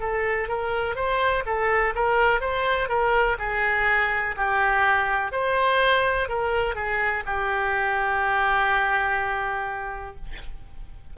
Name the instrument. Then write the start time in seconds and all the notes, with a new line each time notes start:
oboe
0.00 A4
0.48 A#4
0.95 C5
1.46 A4
1.95 A#4
2.41 C5
2.89 A#4
3.39 G#4
4.37 G4
5.32 C5
6.29 A#4
6.75 G#4
7.26 G4